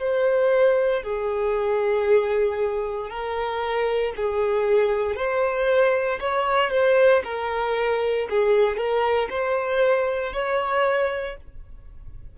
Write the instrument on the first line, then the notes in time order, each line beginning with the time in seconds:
violin
0.00 C5
1.03 G#4
3.10 A#4
4.17 G#4
5.16 C5
6.20 C#5
6.71 C5
7.25 A#4
8.30 G#4
8.77 A#4
9.30 C5
10.33 C#5